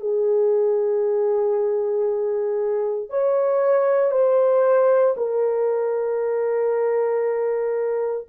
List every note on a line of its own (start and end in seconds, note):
0.00 3.09 G#4
3.09 4.11 C#5
4.11 5.14 C5
5.17 8.27 A#4